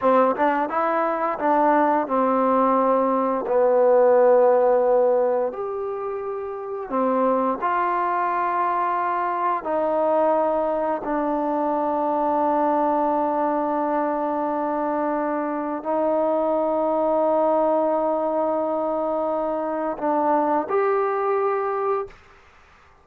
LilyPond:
\new Staff \with { instrumentName = "trombone" } { \time 4/4 \tempo 4 = 87 c'8 d'8 e'4 d'4 c'4~ | c'4 b2. | g'2 c'4 f'4~ | f'2 dis'2 |
d'1~ | d'2. dis'4~ | dis'1~ | dis'4 d'4 g'2 | }